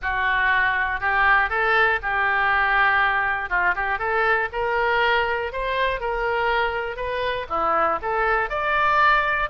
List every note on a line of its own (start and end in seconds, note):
0.01 1.00 F#4
1.00 1.49 G4
1.49 1.99 A4
2.02 3.49 G4
3.49 3.74 F4
3.75 3.99 G4
3.99 4.49 A4
4.52 5.52 A#4
5.52 6.00 C5
6.00 6.96 A#4
6.96 7.46 B4
7.49 7.99 E4
8.02 8.49 A4
8.49 9.49 D5